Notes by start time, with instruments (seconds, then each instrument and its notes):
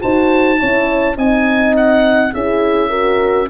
0.00 tuba D#4, horn F#4 C5, oboe A5
0.58 tuba C#4, horn E4 C#5
1.17 tuba C4, horn D#4 D#5, oboe G#5
1.76 oboe F#5
2.33 tuba C#4, horn E4 G#4, oboe E5
2.89 horn F#4 A#4